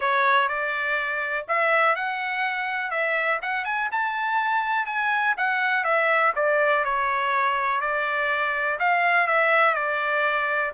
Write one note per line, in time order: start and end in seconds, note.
0.00 0.48 C#5
0.48 1.45 D5
1.47 1.95 E5
1.95 2.90 F#5
2.90 3.39 E5
3.42 3.64 F#5
3.64 3.89 G#5
3.91 4.86 A5
4.86 5.34 G#5
5.37 5.84 F#5
5.84 6.32 E5
6.35 6.84 D5
6.84 7.80 C#5
7.80 8.78 D5
8.79 9.27 F5
9.27 9.74 E5
9.74 10.72 D5